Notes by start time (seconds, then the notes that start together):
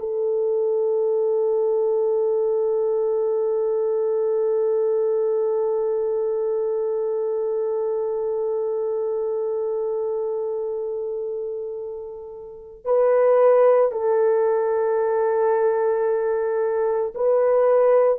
0.00 A4
12.85 B4
13.92 A4
17.15 B4